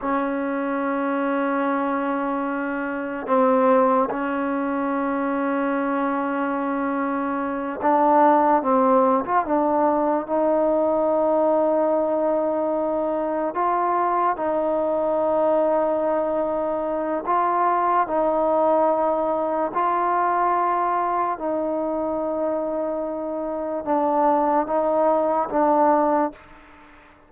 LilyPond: \new Staff \with { instrumentName = "trombone" } { \time 4/4 \tempo 4 = 73 cis'1 | c'4 cis'2.~ | cis'4. d'4 c'8. f'16 d'8~ | d'8 dis'2.~ dis'8~ |
dis'8 f'4 dis'2~ dis'8~ | dis'4 f'4 dis'2 | f'2 dis'2~ | dis'4 d'4 dis'4 d'4 | }